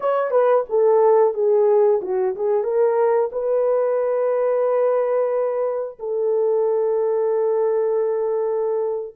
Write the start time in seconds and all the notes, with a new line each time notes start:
0.00 C#5
0.30 B4
0.69 A4
1.34 G#4
2.02 F#4
2.35 G#4
2.63 A#4
3.32 B4
5.98 A4